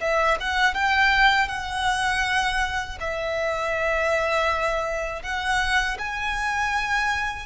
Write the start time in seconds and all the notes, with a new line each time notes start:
0.00 E5
0.40 F#5
0.74 G5
1.48 F#5
3.00 E5
5.22 F#5
5.98 G#5